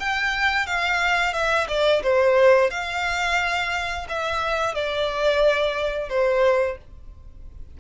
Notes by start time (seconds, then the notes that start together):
0.00 G5
0.67 F5
1.34 E5
1.69 D5
2.03 C5
2.71 F5
4.09 E5
4.75 D5
6.10 C5